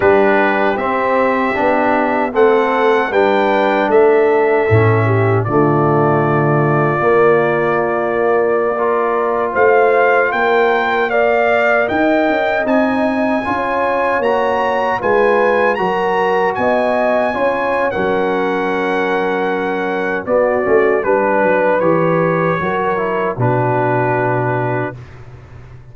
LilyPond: <<
  \new Staff \with { instrumentName = "trumpet" } { \time 4/4 \tempo 4 = 77 b'4 e''2 fis''4 | g''4 e''2 d''4~ | d''1~ | d''16 f''4 g''4 f''4 g''8.~ |
g''16 gis''2 ais''4 gis''8.~ | gis''16 ais''4 gis''4.~ gis''16 fis''4~ | fis''2 d''4 b'4 | cis''2 b'2 | }
  \new Staff \with { instrumentName = "horn" } { \time 4/4 g'2. a'4 | b'4 a'4. g'8 f'4~ | f'2.~ f'16 ais'8.~ | ais'16 c''4 ais'4 d''4 dis''8.~ |
dis''4~ dis''16 cis''2 b'8.~ | b'16 ais'4 dis''4 cis''8. ais'4~ | ais'2 fis'4 b'4~ | b'4 ais'4 fis'2 | }
  \new Staff \with { instrumentName = "trombone" } { \time 4/4 d'4 c'4 d'4 c'4 | d'2 cis'4 a4~ | a4 ais2~ ais16 f'8.~ | f'2~ f'16 ais'4.~ ais'16~ |
ais'16 dis'4 f'4 fis'4 f'8.~ | f'16 fis'2 f'8. cis'4~ | cis'2 b8 cis'8 d'4 | g'4 fis'8 e'8 d'2 | }
  \new Staff \with { instrumentName = "tuba" } { \time 4/4 g4 c'4 b4 a4 | g4 a4 a,4 d4~ | d4 ais2.~ | ais16 a4 ais2 dis'8 cis'16~ |
cis'16 c'4 cis'4 ais4 gis8.~ | gis16 fis4 b4 cis'8. fis4~ | fis2 b8 a8 g8 fis8 | e4 fis4 b,2 | }
>>